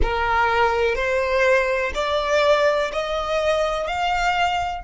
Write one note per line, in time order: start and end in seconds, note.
0.02 0.95 A#4
0.95 1.91 C5
1.94 2.91 D5
2.92 3.87 D#5
3.87 4.83 F5